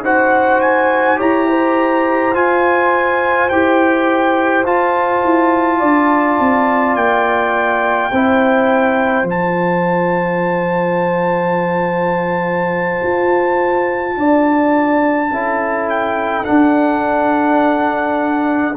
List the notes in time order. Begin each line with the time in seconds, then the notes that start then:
0.00 D#4 F#4 C5 F#5
0.61 G#5
1.17 E4 G4 C#5 A#5
1.49 C5
2.34 F4 G#5
3.49 E4 G4 G5
4.64 F4 A5
5.24 E4
5.79 D4 D5
6.39 C4
6.95 A#3 G5
8.11 C4 E4 C5
9.23 F3 F4
9.29 A5
13.03 F4
14.17 D4 D5
15.30 C#4 E4 A4
15.89 G5
16.44 D4 F#5